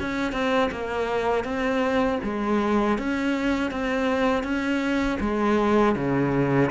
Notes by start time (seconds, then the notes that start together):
0.00 C#4
0.32 C4
0.71 A#3
1.44 C4
2.23 G#3
2.98 C#4
3.71 C4
4.43 C#4
5.20 G#3
5.95 C#3